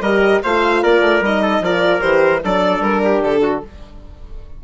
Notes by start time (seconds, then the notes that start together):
0.00 G3 G4 A#4 D#5
0.43 A3 F4 C5 F5
0.82 A#3 A#4 D5
1.00 A3
1.20 G3 D#4 D#5
1.42 A4
1.60 F3 F4 A#4 D5
2.00 E3 G4 C5
2.44 F#3 D4 A4 D5
2.80 G3 A#4
3.04 G4
3.22 D3 A4
3.42 F#4